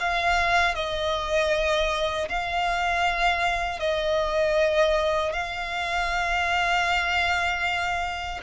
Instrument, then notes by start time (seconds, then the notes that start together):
violin
0.00 F5
0.75 D#5
2.29 F5
3.80 D#5
5.33 F5